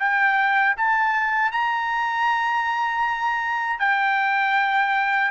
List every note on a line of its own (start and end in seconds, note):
0.00 0.76 G5
0.77 1.52 A5
1.52 3.79 A#5
3.79 5.31 G5